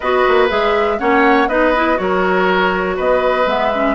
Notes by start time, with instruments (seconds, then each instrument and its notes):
0.00 bassoon B3, clarinet F#4, oboe B4, flute D#5
0.27 bassoon A#3
0.49 bassoon G#3, clarinet G#4, flute E5
0.98 bassoon A#3, clarinet C#4, oboe C#5, flute F#5
1.48 bassoon B3, clarinet D#4, oboe B4, flute D#5
1.75 clarinet E4
1.96 bassoon F#3, clarinet F#4, oboe A#4, flute C#5
2.96 bassoon B3, oboe B4, flute D#5
3.46 bassoon G#3, clarinet B3, flute E5
3.74 clarinet C#4